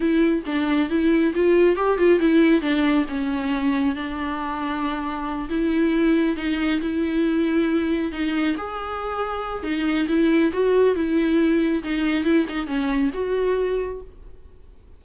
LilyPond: \new Staff \with { instrumentName = "viola" } { \time 4/4 \tempo 4 = 137 e'4 d'4 e'4 f'4 | g'8 f'8 e'4 d'4 cis'4~ | cis'4 d'2.~ | d'8 e'2 dis'4 e'8~ |
e'2~ e'8 dis'4 gis'8~ | gis'2 dis'4 e'4 | fis'4 e'2 dis'4 | e'8 dis'8 cis'4 fis'2 | }